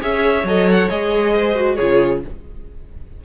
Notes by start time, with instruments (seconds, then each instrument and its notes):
0.00 cello C#4, viola G#4, violin C#5 E5
0.43 cello F#3, viola A4, violin D#5
0.72 violin F#5
0.89 cello G#3, viola G#4, violin D#5
1.34 violin C5
1.55 viola F#4
1.75 cello C#3, viola F4, violin G#4 C#5